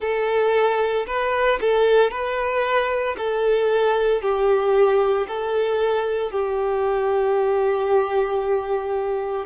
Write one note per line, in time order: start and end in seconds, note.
0.00 1.05 A4
1.06 1.59 B4
1.60 2.11 A4
2.11 3.16 B4
3.17 4.21 A4
4.21 5.26 G4
5.27 6.31 A4
6.31 9.45 G4